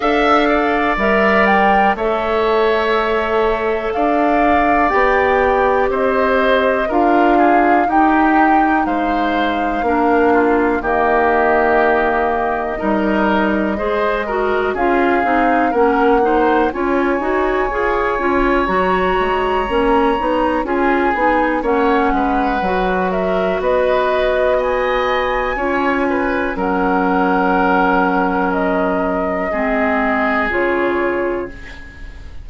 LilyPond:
<<
  \new Staff \with { instrumentName = "flute" } { \time 4/4 \tempo 4 = 61 f''4 e''8 g''8 e''2 | f''4 g''4 dis''4 f''4 | g''4 f''2 dis''4~ | dis''2. f''4 |
fis''4 gis''2 ais''4~ | ais''4 gis''4 fis''4. e''8 | dis''4 gis''2 fis''4~ | fis''4 dis''2 cis''4 | }
  \new Staff \with { instrumentName = "oboe" } { \time 4/4 e''8 d''4. cis''2 | d''2 c''4 ais'8 gis'8 | g'4 c''4 ais'8 f'8 g'4~ | g'4 ais'4 c''8 ais'8 gis'4 |
ais'8 c''8 cis''2.~ | cis''4 gis'4 cis''8 b'4 ais'8 | b'4 dis''4 cis''8 b'8 ais'4~ | ais'2 gis'2 | }
  \new Staff \with { instrumentName = "clarinet" } { \time 4/4 a'4 ais'4 a'2~ | a'4 g'2 f'4 | dis'2 d'4 ais4~ | ais4 dis'4 gis'8 fis'8 f'8 dis'8 |
cis'8 dis'8 f'8 fis'8 gis'8 f'8 fis'4 | cis'8 dis'8 f'8 dis'8 cis'4 fis'4~ | fis'2 f'4 cis'4~ | cis'2 c'4 f'4 | }
  \new Staff \with { instrumentName = "bassoon" } { \time 4/4 d'4 g4 a2 | d'4 b4 c'4 d'4 | dis'4 gis4 ais4 dis4~ | dis4 g4 gis4 cis'8 c'8 |
ais4 cis'8 dis'8 f'8 cis'8 fis8 gis8 | ais8 b8 cis'8 b8 ais8 gis8 fis4 | b2 cis'4 fis4~ | fis2 gis4 cis4 | }
>>